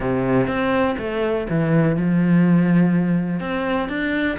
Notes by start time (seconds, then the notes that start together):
0.00 C3
0.47 C4
0.98 A3
1.49 E3
1.96 F3
3.39 C4
3.88 D4